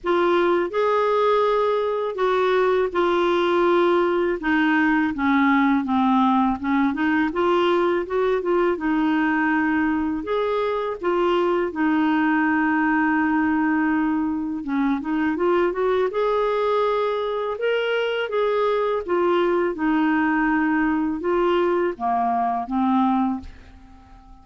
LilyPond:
\new Staff \with { instrumentName = "clarinet" } { \time 4/4 \tempo 4 = 82 f'4 gis'2 fis'4 | f'2 dis'4 cis'4 | c'4 cis'8 dis'8 f'4 fis'8 f'8 | dis'2 gis'4 f'4 |
dis'1 | cis'8 dis'8 f'8 fis'8 gis'2 | ais'4 gis'4 f'4 dis'4~ | dis'4 f'4 ais4 c'4 | }